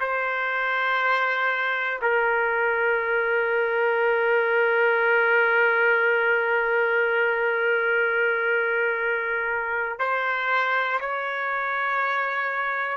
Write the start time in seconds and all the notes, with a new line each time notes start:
0.00 C5
2.02 A#4
9.99 C5
11.00 C#5